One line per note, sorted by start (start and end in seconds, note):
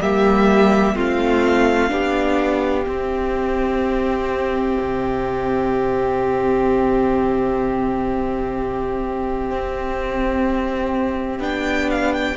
0.00 0.95 G3
0.00 0.95 A#3
0.00 0.95 G4
0.00 0.96 E5
0.95 1.90 A3
0.95 1.88 C4
0.95 1.90 F4
0.95 2.87 F5
1.88 2.86 B3
1.88 2.84 D4
1.88 12.37 G4
2.86 4.76 C4
2.86 11.39 C4
2.86 11.42 E5
4.80 9.50 C3
9.50 11.39 C4
11.39 12.34 B3
11.39 12.35 D4
11.39 11.89 G5
11.90 12.13 F5
12.13 12.37 G5